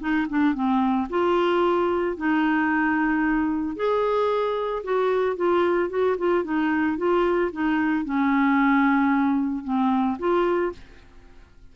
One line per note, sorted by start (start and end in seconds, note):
0.00 0.27 D#4
0.29 0.55 D4
0.55 1.08 C4
1.10 2.17 F4
2.17 3.76 D#4
3.76 4.83 G#4
4.83 5.36 F#4
5.36 5.89 F4
5.89 6.16 F#4
6.18 6.44 F4
6.44 6.97 D#4
6.97 7.51 F4
7.52 8.05 D#4
8.05 9.64 C#4
9.64 10.18 C4
10.19 10.72 F4